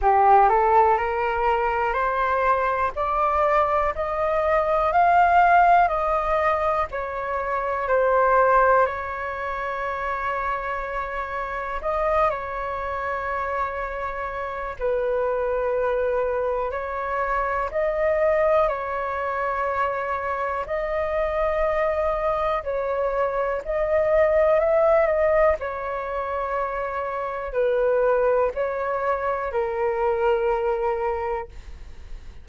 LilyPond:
\new Staff \with { instrumentName = "flute" } { \time 4/4 \tempo 4 = 61 g'8 a'8 ais'4 c''4 d''4 | dis''4 f''4 dis''4 cis''4 | c''4 cis''2. | dis''8 cis''2~ cis''8 b'4~ |
b'4 cis''4 dis''4 cis''4~ | cis''4 dis''2 cis''4 | dis''4 e''8 dis''8 cis''2 | b'4 cis''4 ais'2 | }